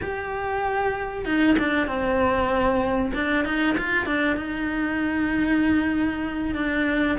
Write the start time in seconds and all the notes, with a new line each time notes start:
0.01 G4
1.25 D#4
1.58 D4
1.87 C4
3.14 D4
3.44 D#4
3.77 F4
4.06 D4
4.36 D#4
6.55 D4